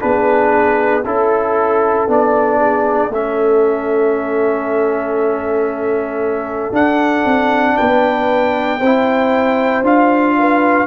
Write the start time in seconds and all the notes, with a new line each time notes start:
0.00 B3 D4 G#4 B4
1.03 C#4 E4 A4
2.08 B3 D4 D5
2.59 G#4
3.09 A3 C#4 A4 E5
6.72 D4 F#5
7.25 C4
7.76 B3 B4 G5
8.79 C4 E4 C5
9.82 D4 F4 F5
10.38 B4